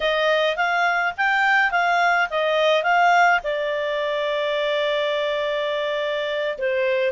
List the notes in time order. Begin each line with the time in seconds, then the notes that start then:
0.00 D#5
0.56 F5
1.17 G5
1.71 F5
2.30 D#5
2.83 F5
3.43 D5
6.58 C5